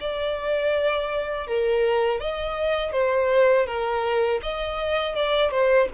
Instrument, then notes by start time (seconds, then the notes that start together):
violin
0.00 D5
1.47 A#4
2.20 D#5
2.92 C5
3.66 A#4
4.42 D#5
5.15 D5
5.51 C5